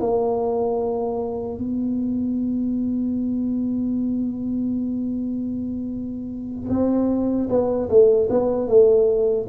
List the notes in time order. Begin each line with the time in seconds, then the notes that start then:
0.00 A#3
1.58 B3
6.69 C4
7.49 B3
7.89 A3
8.29 B3
8.67 A3